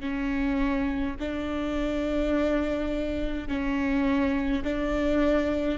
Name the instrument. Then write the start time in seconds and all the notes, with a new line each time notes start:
viola
0.00 C#4
1.20 D4
3.48 C#4
4.64 D4